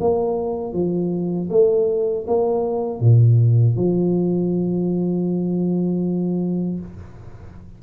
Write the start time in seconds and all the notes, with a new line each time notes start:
0.00 A#3
0.72 F3
1.49 A3
2.27 A#3
3.00 A#2
3.76 F3